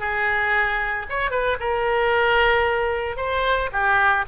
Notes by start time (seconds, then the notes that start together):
0.00 G#4
1.10 C#5
1.31 B4
1.60 A#4
3.17 C5
3.72 G4